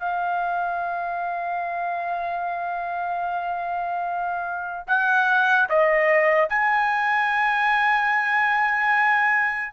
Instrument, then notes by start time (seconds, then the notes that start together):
trumpet
0.00 F5
4.88 F#5
5.70 D#5
6.49 G#5